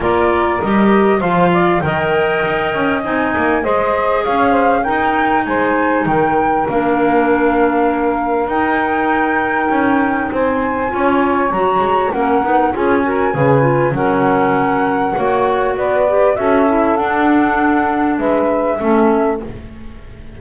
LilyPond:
<<
  \new Staff \with { instrumentName = "flute" } { \time 4/4 \tempo 4 = 99 d''4 dis''4 f''4 g''4~ | g''4 gis''4 dis''4 f''4 | g''4 gis''4 g''4 f''4~ | f''2 g''2~ |
g''4 gis''2 ais''4 | fis''4 gis''2 fis''4~ | fis''2 d''4 e''4 | fis''2 e''2 | }
  \new Staff \with { instrumentName = "saxophone" } { \time 4/4 ais'2 c''8 d''8 dis''4~ | dis''2 c''4 cis''8 c''8 | ais'4 c''4 ais'2~ | ais'1~ |
ais'4 c''4 cis''2 | ais'4 gis'8 ais'8 b'4 ais'4~ | ais'4 cis''4 b'4 a'4~ | a'2 b'4 a'4 | }
  \new Staff \with { instrumentName = "clarinet" } { \time 4/4 f'4 g'4 f'4 ais'4~ | ais'4 dis'4 gis'2 | dis'2. d'4~ | d'2 dis'2~ |
dis'2 f'4 fis'4 | cis'8 dis'8 f'8 fis'8 gis'8 f'8 cis'4~ | cis'4 fis'4. g'8 fis'8 e'8 | d'2. cis'4 | }
  \new Staff \with { instrumentName = "double bass" } { \time 4/4 ais4 g4 f4 dis4 | dis'8 cis'8 c'8 ais8 gis4 cis'4 | dis'4 gis4 dis4 ais4~ | ais2 dis'2 |
cis'4 c'4 cis'4 fis8 gis8 | ais8 b8 cis'4 cis4 fis4~ | fis4 ais4 b4 cis'4 | d'2 gis4 a4 | }
>>